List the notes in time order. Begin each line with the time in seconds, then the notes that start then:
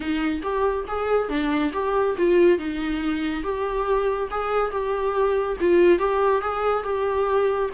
0.00 D#4
0.42 G4
0.87 G#4
1.29 D4
1.73 G4
2.17 F4
2.58 D#4
3.43 G4
4.31 G#4
4.71 G4
5.60 F4
5.98 G4
6.41 G#4
6.83 G4